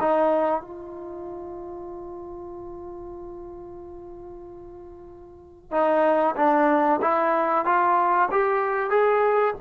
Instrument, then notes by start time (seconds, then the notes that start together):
trombone
0.00 D#4
0.61 F4
5.71 D#4
6.36 D4
7.01 E4
7.65 F4
8.31 G4
8.90 G#4